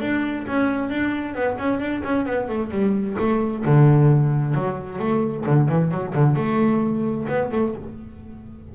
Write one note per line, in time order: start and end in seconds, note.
0.00 0.45 D4
0.47 0.89 C#4
0.89 1.34 D4
1.34 1.57 B3
1.58 1.79 C#4
1.79 2.02 D4
2.03 2.25 C#4
2.25 2.48 B3
2.48 2.70 A3
2.70 3.16 G3
3.18 3.64 A3
3.65 4.54 D3
4.54 4.99 F#3
4.99 5.44 A3
5.46 5.68 D3
5.68 5.91 E3
5.91 6.13 F#3
6.14 6.35 D3
6.35 7.26 A3
7.28 7.50 B3
7.52 7.74 A3